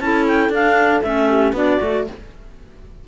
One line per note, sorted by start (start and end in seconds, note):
0.00 0.50 C#4
0.00 0.52 E4
0.00 1.29 A4
0.00 0.25 A5
0.28 0.53 G5
0.50 1.01 D4
0.50 1.03 D4
0.50 1.03 F5
1.03 1.53 A3
1.03 1.55 C#4
1.03 1.53 E5
1.29 1.54 G4
1.53 1.78 B3
1.53 1.79 D4
1.53 2.05 F#4
1.53 2.08 D5
1.79 2.07 A3
1.79 2.05 F#4